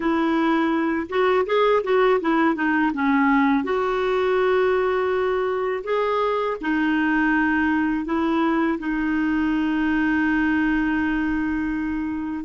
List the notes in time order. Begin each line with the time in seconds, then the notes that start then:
0.00 E4
1.09 F#4
1.46 G#4
1.83 F#4
2.21 E4
2.55 D#4
2.93 C#4
3.64 F#4
5.84 G#4
6.61 D#4
8.05 E4
8.78 D#4